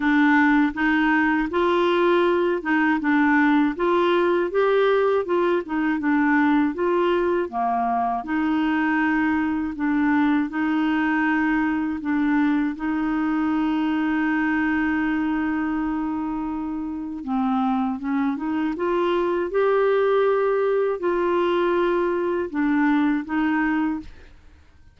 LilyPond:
\new Staff \with { instrumentName = "clarinet" } { \time 4/4 \tempo 4 = 80 d'4 dis'4 f'4. dis'8 | d'4 f'4 g'4 f'8 dis'8 | d'4 f'4 ais4 dis'4~ | dis'4 d'4 dis'2 |
d'4 dis'2.~ | dis'2. c'4 | cis'8 dis'8 f'4 g'2 | f'2 d'4 dis'4 | }